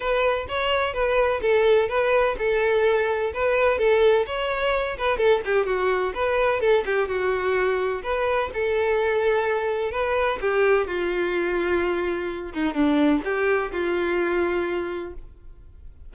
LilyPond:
\new Staff \with { instrumentName = "violin" } { \time 4/4 \tempo 4 = 127 b'4 cis''4 b'4 a'4 | b'4 a'2 b'4 | a'4 cis''4. b'8 a'8 g'8 | fis'4 b'4 a'8 g'8 fis'4~ |
fis'4 b'4 a'2~ | a'4 b'4 g'4 f'4~ | f'2~ f'8 dis'8 d'4 | g'4 f'2. | }